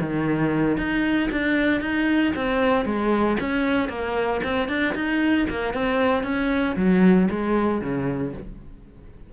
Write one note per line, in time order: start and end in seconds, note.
0.00 0.77 D#3
0.77 1.29 D#4
1.31 1.80 D4
1.80 2.32 D#4
2.35 2.85 C4
2.85 3.37 G#3
3.40 3.89 C#4
3.89 4.41 A#3
4.43 4.68 C4
4.68 4.94 D4
4.94 5.47 D#4
5.49 5.73 A#3
5.73 6.23 C4
6.23 6.75 C#4
6.76 7.28 F#3
7.30 7.81 G#3
7.81 8.33 C#3